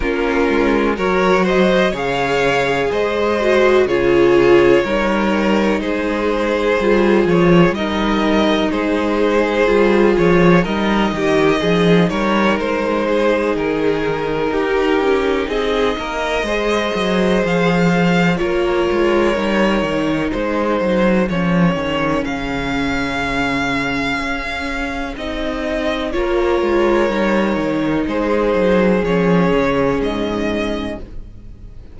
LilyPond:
<<
  \new Staff \with { instrumentName = "violin" } { \time 4/4 \tempo 4 = 62 ais'4 cis''8 dis''8 f''4 dis''4 | cis''2 c''4. cis''8 | dis''4 c''4. cis''8 dis''4~ | dis''8 cis''8 c''4 ais'2 |
dis''2 f''4 cis''4~ | cis''4 c''4 cis''4 f''4~ | f''2 dis''4 cis''4~ | cis''4 c''4 cis''4 dis''4 | }
  \new Staff \with { instrumentName = "violin" } { \time 4/4 f'4 ais'8 c''8 cis''4 c''4 | gis'4 ais'4 gis'2 | ais'4 gis'2 ais'8 g'8 | gis'8 ais'4 gis'4. g'4 |
gis'8 ais'8 c''2 ais'4~ | ais'4 gis'2.~ | gis'2. ais'4~ | ais'4 gis'2. | }
  \new Staff \with { instrumentName = "viola" } { \time 4/4 cis'4 fis'4 gis'4. fis'8 | f'4 dis'2 f'4 | dis'2 f'4 dis'4~ | dis'1~ |
dis'4 gis'2 f'4 | dis'2 cis'2~ | cis'2 dis'4 f'4 | dis'2 cis'2 | }
  \new Staff \with { instrumentName = "cello" } { \time 4/4 ais8 gis8 fis4 cis4 gis4 | cis4 g4 gis4 g8 f8 | g4 gis4 g8 f8 g8 dis8 | f8 g8 gis4 dis4 dis'8 cis'8 |
c'8 ais8 gis8 fis8 f4 ais8 gis8 | g8 dis8 gis8 fis8 f8 dis8 cis4~ | cis4 cis'4 c'4 ais8 gis8 | g8 dis8 gis8 fis8 f8 cis8 gis,4 | }
>>